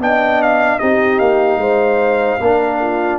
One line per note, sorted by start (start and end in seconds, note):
0.00 0.80 B3
0.00 0.80 D4
0.00 0.81 D#5
0.00 0.42 G5
0.42 0.79 F5
0.79 1.20 C4
0.79 2.40 D#4
0.79 1.60 G4
0.79 1.19 D#5
1.19 1.58 A#3
1.19 3.19 F5
1.58 2.38 G#3
1.58 2.40 C5
2.41 3.19 A#3
2.41 3.19 D4
2.41 2.81 A#4
2.81 3.19 F4